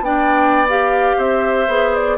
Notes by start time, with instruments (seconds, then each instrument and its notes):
0.00 bassoon B3, clarinet D4, oboe D5, flute G5
0.68 clarinet G4, flute F5
1.17 bassoon C4, oboe C5, flute E5
1.67 bassoon B3, clarinet G#4
1.95 flute D5